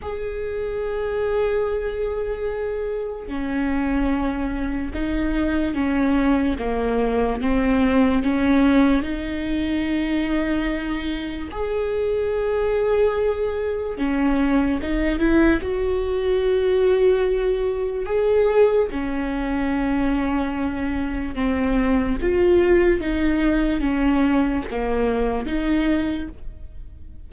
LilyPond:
\new Staff \with { instrumentName = "viola" } { \time 4/4 \tempo 4 = 73 gis'1 | cis'2 dis'4 cis'4 | ais4 c'4 cis'4 dis'4~ | dis'2 gis'2~ |
gis'4 cis'4 dis'8 e'8 fis'4~ | fis'2 gis'4 cis'4~ | cis'2 c'4 f'4 | dis'4 cis'4 ais4 dis'4 | }